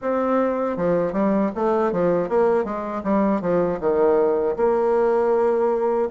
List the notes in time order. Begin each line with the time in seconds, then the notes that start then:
0.01 C4
0.76 F3
1.12 G3
1.55 A3
1.92 F3
2.29 A#3
2.64 G#3
3.03 G3
3.41 F3
3.80 D#3
4.56 A#3